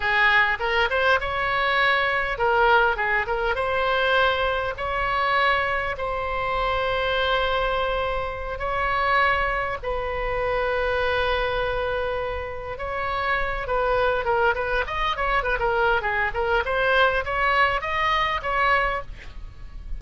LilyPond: \new Staff \with { instrumentName = "oboe" } { \time 4/4 \tempo 4 = 101 gis'4 ais'8 c''8 cis''2 | ais'4 gis'8 ais'8 c''2 | cis''2 c''2~ | c''2~ c''8 cis''4.~ |
cis''8 b'2.~ b'8~ | b'4. cis''4. b'4 | ais'8 b'8 dis''8 cis''8 b'16 ais'8. gis'8 ais'8 | c''4 cis''4 dis''4 cis''4 | }